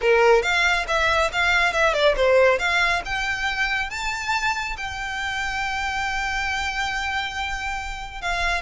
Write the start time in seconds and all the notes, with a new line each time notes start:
0.01 A#4
0.42 F5
0.87 E5
1.32 F5
1.72 E5
1.93 D5
2.16 C5
2.58 F5
3.05 G5
3.90 A5
4.77 G5
8.21 F5